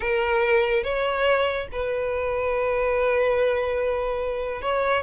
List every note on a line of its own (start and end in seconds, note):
0.00 0.83 A#4
0.83 1.67 C#5
1.72 4.61 B4
4.61 5.03 C#5